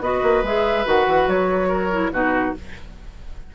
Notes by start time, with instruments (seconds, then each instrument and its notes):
0.00 bassoon B3, clarinet F#4, oboe B4, flute D#5
0.22 bassoon A#3
0.43 bassoon G#3, clarinet G#4, flute E5
0.85 bassoon D#3, clarinet F#4, flute F#5
1.07 bassoon E3
1.27 bassoon F#3, flute C#5
1.68 oboe A#4
1.92 clarinet E4
2.11 bassoon B2, clarinet D#4, oboe F#4, flute B4